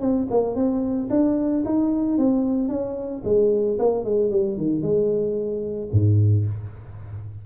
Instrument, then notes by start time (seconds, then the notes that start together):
tuba
0.00 C4
0.30 A#3
0.55 C4
1.10 D4
1.65 D#4
2.18 C4
2.69 C#4
3.24 G#3
3.79 A#3
4.04 G#3
4.31 G3
4.57 D#3
4.82 G#3
5.92 G#2